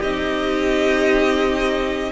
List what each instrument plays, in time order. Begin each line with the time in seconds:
0.00 cello C4, viola D#4, violin G4 D#5